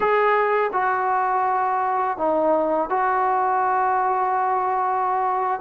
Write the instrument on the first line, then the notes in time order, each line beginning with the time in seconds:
trombone
0.00 G#4
0.73 F#4
2.17 D#4
2.89 F#4